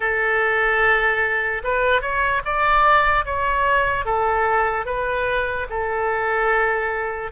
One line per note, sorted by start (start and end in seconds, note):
0.00 1.62 A4
1.63 2.01 B4
2.01 2.41 C#5
2.45 3.25 D5
3.25 4.05 C#5
4.05 4.85 A4
4.85 5.66 B4
5.69 7.31 A4